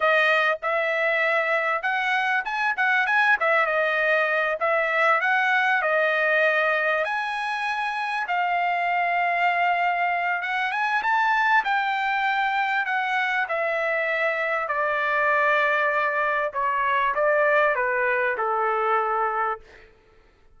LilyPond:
\new Staff \with { instrumentName = "trumpet" } { \time 4/4 \tempo 4 = 98 dis''4 e''2 fis''4 | gis''8 fis''8 gis''8 e''8 dis''4. e''8~ | e''8 fis''4 dis''2 gis''8~ | gis''4. f''2~ f''8~ |
f''4 fis''8 gis''8 a''4 g''4~ | g''4 fis''4 e''2 | d''2. cis''4 | d''4 b'4 a'2 | }